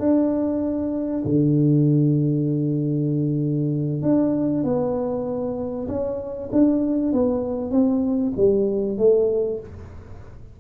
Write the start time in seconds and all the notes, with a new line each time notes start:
0.00 D4
1.25 D3
4.03 D4
4.64 B3
5.88 C#4
6.53 D4
7.13 B3
7.72 C4
8.37 G3
8.98 A3